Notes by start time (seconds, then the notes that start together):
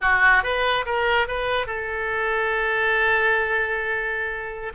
0.01 F#4
0.43 B4
0.85 A#4
1.27 B4
1.66 A4